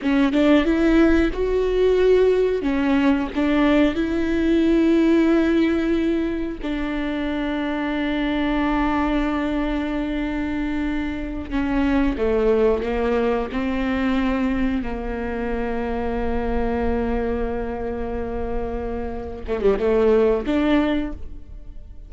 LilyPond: \new Staff \with { instrumentName = "viola" } { \time 4/4 \tempo 4 = 91 cis'8 d'8 e'4 fis'2 | cis'4 d'4 e'2~ | e'2 d'2~ | d'1~ |
d'4. cis'4 a4 ais8~ | ais8 c'2 ais4.~ | ais1~ | ais4. a16 g16 a4 d'4 | }